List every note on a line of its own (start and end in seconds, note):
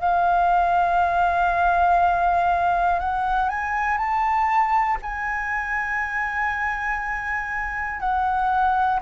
0.00 2.99 F5
2.99 3.49 F#5
3.49 3.97 G#5
3.97 4.97 A5
5.01 8.00 G#5
8.00 9.00 F#5